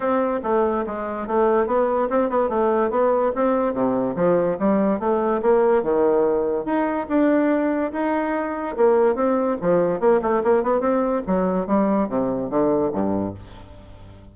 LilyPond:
\new Staff \with { instrumentName = "bassoon" } { \time 4/4 \tempo 4 = 144 c'4 a4 gis4 a4 | b4 c'8 b8 a4 b4 | c'4 c4 f4 g4 | a4 ais4 dis2 |
dis'4 d'2 dis'4~ | dis'4 ais4 c'4 f4 | ais8 a8 ais8 b8 c'4 fis4 | g4 c4 d4 g,4 | }